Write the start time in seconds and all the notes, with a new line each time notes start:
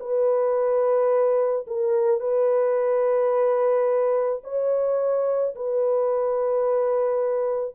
0.00 B4
1.68 A#4
2.21 B4
4.44 C#5
5.56 B4